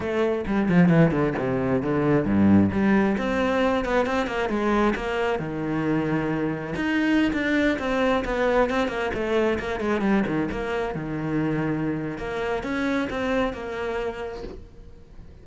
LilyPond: \new Staff \with { instrumentName = "cello" } { \time 4/4 \tempo 4 = 133 a4 g8 f8 e8 d8 c4 | d4 g,4 g4 c'4~ | c'8 b8 c'8 ais8 gis4 ais4 | dis2. dis'4~ |
dis'16 d'4 c'4 b4 c'8 ais16~ | ais16 a4 ais8 gis8 g8 dis8 ais8.~ | ais16 dis2~ dis8. ais4 | cis'4 c'4 ais2 | }